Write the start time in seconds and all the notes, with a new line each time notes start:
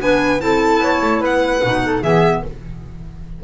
0.00 B3 D4 B4 G#5
0.40 C4 E4 A4 A5
0.79 B3 C#5
1.02 A3
1.21 B3 B4 F#5
1.64 B2 D#4
1.86 A4
2.02 E3 B3 G#4 E5